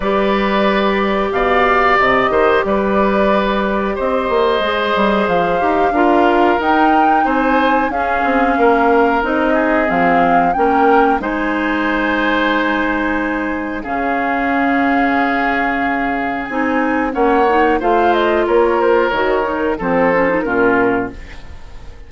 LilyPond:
<<
  \new Staff \with { instrumentName = "flute" } { \time 4/4 \tempo 4 = 91 d''2 f''4 dis''4 | d''2 dis''2 | f''2 g''4 gis''4 | f''2 dis''4 f''4 |
g''4 gis''2.~ | gis''4 f''2.~ | f''4 gis''4 fis''4 f''8 dis''8 | cis''8 c''8 cis''4 c''4 ais'4 | }
  \new Staff \with { instrumentName = "oboe" } { \time 4/4 b'2 d''4. c''8 | b'2 c''2~ | c''4 ais'2 c''4 | gis'4 ais'4. gis'4. |
ais'4 c''2.~ | c''4 gis'2.~ | gis'2 cis''4 c''4 | ais'2 a'4 f'4 | }
  \new Staff \with { instrumentName = "clarinet" } { \time 4/4 g'1~ | g'2. gis'4~ | gis'8 g'8 f'4 dis'2 | cis'2 dis'4 c'4 |
cis'4 dis'2.~ | dis'4 cis'2.~ | cis'4 dis'4 cis'8 dis'8 f'4~ | f'4 fis'8 dis'8 c'8 cis'16 dis'16 cis'4 | }
  \new Staff \with { instrumentName = "bassoon" } { \time 4/4 g2 b,4 c8 dis8 | g2 c'8 ais8 gis8 g8 | f8 dis'8 d'4 dis'4 c'4 | cis'8 c'8 ais4 c'4 f4 |
ais4 gis2.~ | gis4 cis2.~ | cis4 c'4 ais4 a4 | ais4 dis4 f4 ais,4 | }
>>